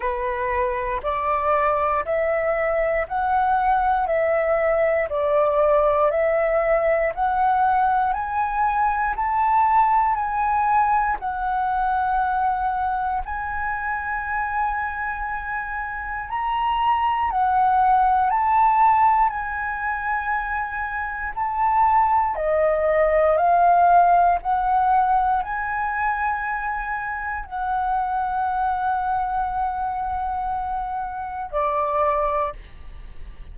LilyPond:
\new Staff \with { instrumentName = "flute" } { \time 4/4 \tempo 4 = 59 b'4 d''4 e''4 fis''4 | e''4 d''4 e''4 fis''4 | gis''4 a''4 gis''4 fis''4~ | fis''4 gis''2. |
ais''4 fis''4 a''4 gis''4~ | gis''4 a''4 dis''4 f''4 | fis''4 gis''2 fis''4~ | fis''2. d''4 | }